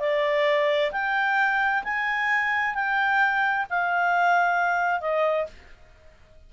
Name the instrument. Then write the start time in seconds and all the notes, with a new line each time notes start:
clarinet
0.00 D5
0.92 G5
1.84 G#5
2.75 G5
3.70 F5
5.01 D#5